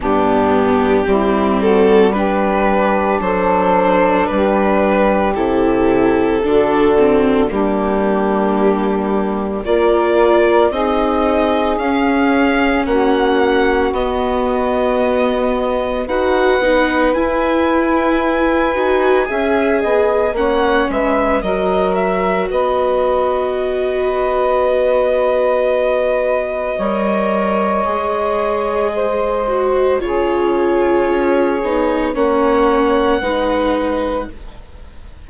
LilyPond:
<<
  \new Staff \with { instrumentName = "violin" } { \time 4/4 \tempo 4 = 56 g'4. a'8 b'4 c''4 | b'4 a'2 g'4~ | g'4 d''4 dis''4 f''4 | fis''4 dis''2 fis''4 |
gis''2. fis''8 e''8 | dis''8 e''8 dis''2.~ | dis''1 | cis''2 fis''2 | }
  \new Staff \with { instrumentName = "saxophone" } { \time 4/4 d'4 e'8 fis'8 g'4 a'4 | g'2 fis'4 d'4~ | d'4 ais'4 gis'2 | fis'2. b'4~ |
b'2 e''8 dis''8 cis''8 b'8 | ais'4 b'2.~ | b'4 cis''2 c''4 | gis'2 cis''4 b'4 | }
  \new Staff \with { instrumentName = "viola" } { \time 4/4 b4 c'4 d'2~ | d'4 e'4 d'8 c'8 ais4~ | ais4 f'4 dis'4 cis'4~ | cis'4 b2 fis'8 dis'8 |
e'4. fis'8 gis'4 cis'4 | fis'1~ | fis'4 ais'4 gis'4. fis'8 | f'4. dis'8 cis'4 dis'4 | }
  \new Staff \with { instrumentName = "bassoon" } { \time 4/4 g,4 g2 fis4 | g4 c4 d4 g4~ | g4 ais4 c'4 cis'4 | ais4 b2 dis'8 b8 |
e'4. dis'8 cis'8 b8 ais8 gis8 | fis4 b2.~ | b4 g4 gis2 | cis4 cis'8 b8 ais4 gis4 | }
>>